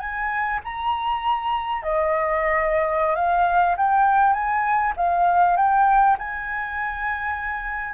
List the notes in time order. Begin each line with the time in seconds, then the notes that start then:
0.00 G#5
0.64 A#5
1.83 D#5
3.16 F5
3.77 G5
4.33 G#5
4.97 F5
5.57 G5
6.19 G#5